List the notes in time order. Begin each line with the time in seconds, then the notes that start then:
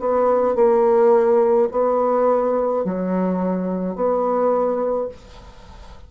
0.00 B3
0.56 A#3
1.71 B3
2.85 F#3
3.96 B3